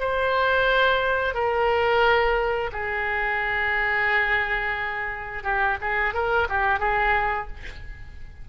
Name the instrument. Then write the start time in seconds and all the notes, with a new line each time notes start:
oboe
0.00 C5
1.35 A#4
2.73 G#4
5.44 G4
5.81 G#4
6.14 A#4
6.49 G4
6.80 G#4